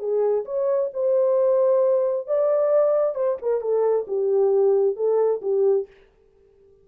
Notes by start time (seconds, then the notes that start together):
0.00 G#4
0.46 C#5
0.94 C5
2.28 D5
3.15 C5
3.42 A#4
3.61 A4
4.08 G4
4.96 A4
5.42 G4